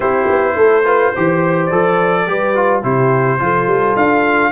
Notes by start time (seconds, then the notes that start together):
0.00 C4 E4 G4 C5
0.28 B3
0.56 A3 A4
0.84 F4 B4
1.11 E3 G4 C5
1.66 F3 A4 D5
2.27 G3 G4 B4
2.55 F4
2.82 C3 E4 G4 C5
3.39 F3 F4 A4
3.66 G3
3.96 D4 F5